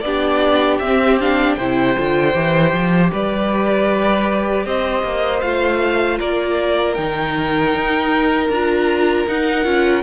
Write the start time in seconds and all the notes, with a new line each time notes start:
0.00 B3 D4 G4 D5
0.79 C4 E5
1.20 D4 F5
1.55 C3 E4 C5 G5
1.96 D3 F4
2.33 E3 G4
2.72 F3
3.11 G3 B4 D5
4.65 C4 C5 D#5
5.03 A#3
5.41 A3 F4 F5
6.18 A#3 A#4 D5
6.94 D#3 D#4 G5
7.74 D#4
8.49 D4 F4 A#5
9.27 D#4 F#5
9.64 C#4 F4